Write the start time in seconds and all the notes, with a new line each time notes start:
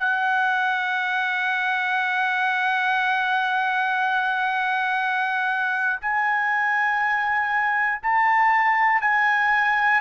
0.00 F#5
6.01 G#5
8.03 A5
9.01 G#5